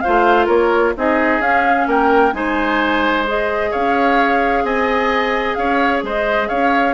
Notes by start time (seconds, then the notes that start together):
0.00 F4 C5 F5
0.07 A3
0.46 A#3 A#4 C#5
0.96 C4 D#4 G#4 D#5
1.39 C#4 F5
1.86 A#3 A#4 G5
2.33 G#3 D#4 C5 G#5
3.27 G#4 D#5
3.70 C#4 C#5 F5
4.63 C4 D#5 G#5
5.55 C#4 C#5 F5
6.02 G#3 C5 D#5
6.48 C#4 C#5 F5